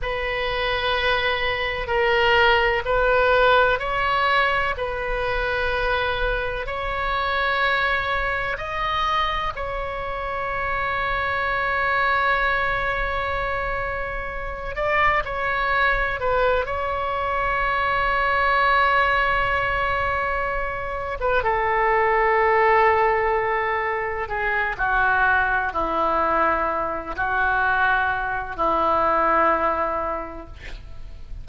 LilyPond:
\new Staff \with { instrumentName = "oboe" } { \time 4/4 \tempo 4 = 63 b'2 ais'4 b'4 | cis''4 b'2 cis''4~ | cis''4 dis''4 cis''2~ | cis''2.~ cis''8 d''8 |
cis''4 b'8 cis''2~ cis''8~ | cis''2~ cis''16 b'16 a'4.~ | a'4. gis'8 fis'4 e'4~ | e'8 fis'4. e'2 | }